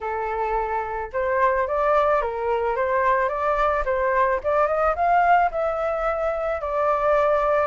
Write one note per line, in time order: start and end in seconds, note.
0.01 1.11 A4
1.12 1.67 C5
1.67 2.21 D5
2.21 2.76 A#4
2.76 3.28 C5
3.28 3.83 D5
3.85 4.40 C5
4.43 4.67 D5
4.67 4.94 D#5
4.95 5.50 F5
5.51 6.61 E5
6.61 7.67 D5